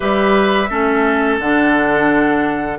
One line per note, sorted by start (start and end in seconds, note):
0.00 0.70 G3
0.00 0.67 G4
0.00 0.69 B4
0.00 1.37 E5
0.69 1.39 A3
0.69 1.40 C#4
0.69 2.78 A4
1.39 2.78 D3
1.39 2.79 D4
1.39 2.79 F#5